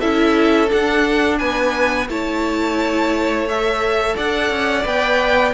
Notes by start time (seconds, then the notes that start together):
0.00 C#4 E4 A4 E5
0.68 D4 F#5
1.38 B3 B4 G#5
2.08 A3 E4 C#5 A5
3.48 A4 E5
4.15 D4 D5 F#5
4.50 C#4
4.83 B3 B4 G5